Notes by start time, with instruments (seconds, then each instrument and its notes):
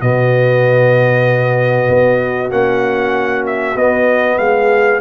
0.00 tuba B2, trombone B3, horn F#4, trumpet D#5
1.89 tuba B3
2.50 tuba A#3, trombone C#4, trumpet F#5
3.46 trumpet E5
3.75 tuba B3, trombone B3, trumpet D#5
4.38 tuba G#3, horn G#4, trumpet F5